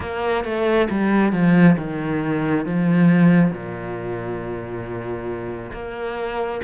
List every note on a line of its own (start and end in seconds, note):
0.00 0.44 A#3
0.44 0.88 A3
0.89 1.32 G3
1.32 1.76 F3
1.77 2.65 D#3
2.65 3.51 F3
3.51 5.72 A#2
5.72 6.60 A#3